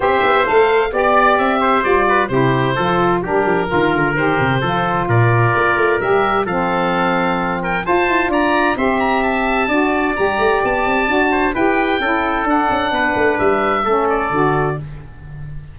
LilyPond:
<<
  \new Staff \with { instrumentName = "oboe" } { \time 4/4 \tempo 4 = 130 e''4 f''4 d''4 e''4 | d''4 c''2 ais'4~ | ais'4 c''2 d''4~ | d''4 e''4 f''2~ |
f''8 g''8 a''4 ais''4 c'''8 ais''8 | a''2 ais''4 a''4~ | a''4 g''2 fis''4~ | fis''4 e''4. d''4. | }
  \new Staff \with { instrumentName = "trumpet" } { \time 4/4 c''2 d''4. c''8~ | c''8 b'8 g'4 a'4 g'4 | ais'2 a'4 ais'4~ | ais'2 a'2~ |
a'8 ais'8 c''4 d''4 e''4~ | e''4 d''2.~ | d''8 c''8 b'4 a'2 | b'2 a'2 | }
  \new Staff \with { instrumentName = "saxophone" } { \time 4/4 g'4 a'4 g'2 | f'4 e'4 f'4 d'4 | f'4 g'4 f'2~ | f'4 g'4 c'2~ |
c'4 f'2 g'4~ | g'4 fis'4 g'2 | fis'4 g'4 e'4 d'4~ | d'2 cis'4 fis'4 | }
  \new Staff \with { instrumentName = "tuba" } { \time 4/4 c'8 b8 a4 b4 c'4 | g4 c4 f4 g8 f8 | dis8 d8 dis8 c8 f4 ais,4 | ais8 a8 g4 f2~ |
f4 f'8 e'8 d'4 c'4~ | c'4 d'4 g8 a8 b8 c'8 | d'4 e'4 cis'4 d'8 cis'8 | b8 a8 g4 a4 d4 | }
>>